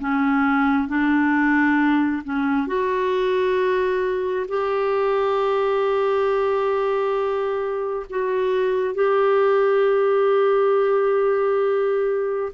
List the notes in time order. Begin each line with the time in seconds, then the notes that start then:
0.00 C#4
0.88 D4
2.24 C#4
2.67 F#4
4.48 G4
8.10 F#4
8.95 G4